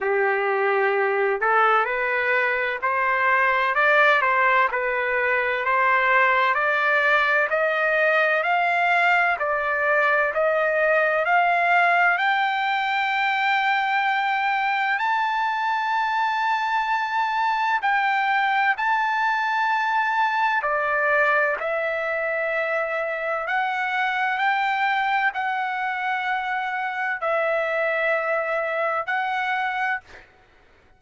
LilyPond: \new Staff \with { instrumentName = "trumpet" } { \time 4/4 \tempo 4 = 64 g'4. a'8 b'4 c''4 | d''8 c''8 b'4 c''4 d''4 | dis''4 f''4 d''4 dis''4 | f''4 g''2. |
a''2. g''4 | a''2 d''4 e''4~ | e''4 fis''4 g''4 fis''4~ | fis''4 e''2 fis''4 | }